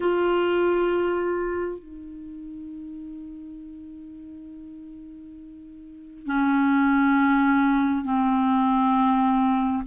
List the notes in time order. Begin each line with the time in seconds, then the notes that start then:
0.00 F4
1.78 D#4
6.26 C#4
8.04 C4